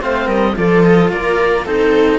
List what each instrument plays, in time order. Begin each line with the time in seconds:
0.00 cello A3 C4, viola C5, oboe F5
0.25 cello G3, viola A#4, oboe D#5
0.55 cello F3 F4, viola A4, oboe D5
0.82 oboe D#5
1.10 cello A#3, viola A#4, oboe D5
1.64 cello C4 D#4, viola A4, oboe C5